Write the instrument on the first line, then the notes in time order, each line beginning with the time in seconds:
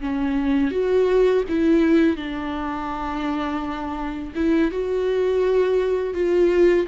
viola
0.00 C#4
0.71 F#4
1.48 E4
2.16 D4
4.35 E4
4.71 F#4
6.14 F4